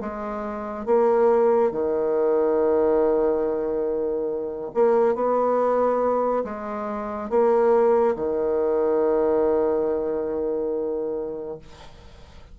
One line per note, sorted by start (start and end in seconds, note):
0.00 0.86 G#3
0.86 1.71 A#3
1.71 4.71 D#3
4.75 5.15 A#3
5.15 6.44 B3
6.44 7.30 G#3
7.30 8.15 A#3
8.16 11.59 D#3